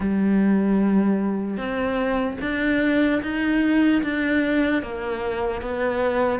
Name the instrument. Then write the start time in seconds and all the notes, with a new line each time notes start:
cello
0.00 G3
1.57 C4
2.41 D4
3.22 D#4
4.02 D4
4.82 A#3
5.61 B3